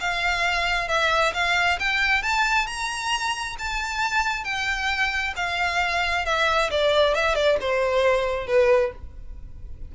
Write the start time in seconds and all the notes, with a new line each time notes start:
0.00 F5
0.88 E5
1.34 F5
1.80 G5
2.23 A5
2.67 A#5
3.58 A5
4.44 G5
5.36 F5
6.25 E5
6.71 D5
7.15 E5
7.35 D5
7.61 C5
8.47 B4